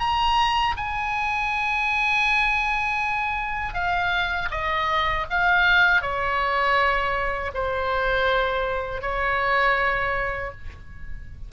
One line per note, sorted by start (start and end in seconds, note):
0.00 0.75 A#5
0.77 3.74 G#5
3.74 4.49 F5
4.51 5.26 D#5
5.30 6.02 F5
6.02 7.52 C#5
7.54 9.02 C5
9.02 10.52 C#5